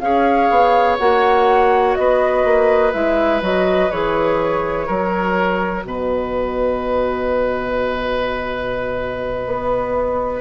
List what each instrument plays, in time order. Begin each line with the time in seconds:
0.00 bassoon C#4, clarinet G#4, oboe C#5, flute F5
0.50 bassoon B3
0.98 bassoon A#3, clarinet F#4, flute F#5
1.95 bassoon B3, oboe B4, flute D#5
2.45 bassoon A#3
2.93 bassoon G#3, clarinet E4, flute E5
3.41 bassoon F#3, clarinet F#4, flute D#5
3.91 bassoon E3, clarinet G#4, flute C#5
4.87 bassoon F#3, clarinet F#4, oboe A#4
5.84 bassoon B2, oboe B4, flute D#5
9.47 bassoon B3